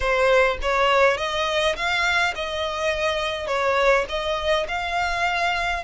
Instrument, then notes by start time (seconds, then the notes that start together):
violin
0.00 C5
0.61 C#5
1.17 D#5
1.76 F5
2.35 D#5
3.47 C#5
4.08 D#5
4.68 F5